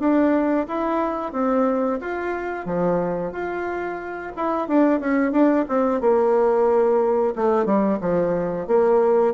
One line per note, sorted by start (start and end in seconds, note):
0.00 0.67 D4
0.68 1.33 E4
1.33 2.00 C4
2.02 2.66 F4
2.66 3.32 F3
3.32 4.32 F4
4.37 4.68 E4
4.68 5.00 D4
5.00 5.32 C#4
5.32 5.66 D4
5.69 6.02 C4
6.02 7.35 A#3
7.36 7.66 A3
7.66 7.99 G3
8.02 8.68 F3
8.68 9.34 A#3